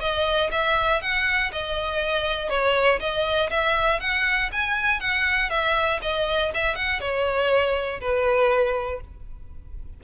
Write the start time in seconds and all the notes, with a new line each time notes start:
0.00 D#5
0.51 E5
1.01 F#5
1.52 D#5
2.50 C#5
3.00 D#5
3.50 E5
4.00 F#5
4.52 G#5
5.00 F#5
5.50 E5
6.02 D#5
6.54 E5
6.75 F#5
7.00 C#5
8.00 B4